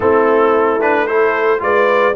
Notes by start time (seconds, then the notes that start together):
0.00 A3 C4 E4 A4
0.81 D4 B4
1.07 E4 A4 C5
1.59 G#3 F4 B4 D5